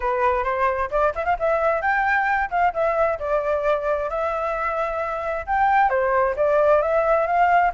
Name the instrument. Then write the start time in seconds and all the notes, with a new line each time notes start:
flute
0.00 B4
0.44 C5
0.90 D5
1.15 E5
1.25 F5
1.39 E5
1.81 G5
2.50 F5
2.73 E5
3.19 D5
4.09 E5
5.46 G5
5.89 C5
6.36 D5
6.82 E5
7.26 F5